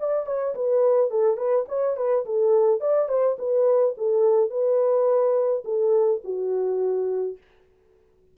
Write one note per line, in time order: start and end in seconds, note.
0.00 0.26 D5
0.26 0.55 C#5
0.55 1.11 B4
1.11 1.37 A4
1.37 1.65 B4
1.68 1.97 C#5
1.97 2.25 B4
2.26 2.80 A4
2.80 3.08 D5
3.08 3.37 C5
3.39 3.95 B4
3.98 4.50 A4
4.50 5.63 B4
5.65 6.22 A4
6.24 7.38 F#4